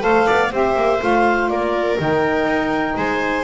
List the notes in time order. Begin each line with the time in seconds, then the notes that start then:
0.00 A3 A4 C5 F5
0.27 B3 D5
0.51 C4 G4 C5 E5
0.76 A#3
1.00 A3 F4 F5
1.49 A#3 A#4 D5
1.98 D#3 D#4 G5
2.45 D#4
2.97 G#3 C5 G#5